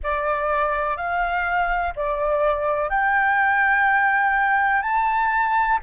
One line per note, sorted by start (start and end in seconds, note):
0.03 0.96 D5
0.96 1.93 F5
1.96 2.89 D5
2.89 4.81 G5
4.81 5.78 A5